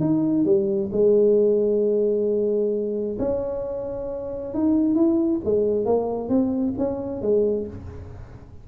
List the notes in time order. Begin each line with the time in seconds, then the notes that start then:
0.00 D#4
0.45 G3
0.92 G#3
3.19 C#4
4.54 D#4
4.95 E4
5.44 G#3
5.85 A#3
6.29 C4
6.78 C#4
7.22 G#3